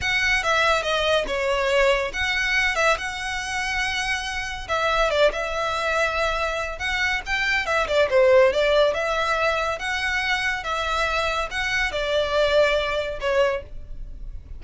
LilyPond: \new Staff \with { instrumentName = "violin" } { \time 4/4 \tempo 4 = 141 fis''4 e''4 dis''4 cis''4~ | cis''4 fis''4. e''8 fis''4~ | fis''2. e''4 | d''8 e''2.~ e''8 |
fis''4 g''4 e''8 d''8 c''4 | d''4 e''2 fis''4~ | fis''4 e''2 fis''4 | d''2. cis''4 | }